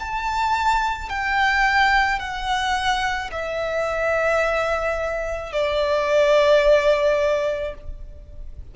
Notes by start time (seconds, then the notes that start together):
0.00 A5
1.10 G5
2.20 F#5
3.32 E5
5.53 D5